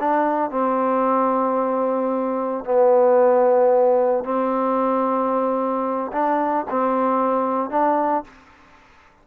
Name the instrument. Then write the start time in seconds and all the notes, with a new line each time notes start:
trombone
0.00 D4
0.51 C4
2.65 B3
4.24 C4
6.12 D4
6.70 C4
7.70 D4